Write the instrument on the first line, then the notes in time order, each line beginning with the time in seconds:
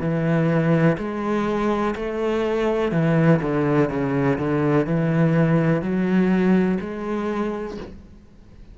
cello
0.00 E3
0.98 G#3
1.95 A3
2.92 E3
3.42 D3
3.89 C#3
4.38 D3
4.86 E3
5.82 F#3
6.80 G#3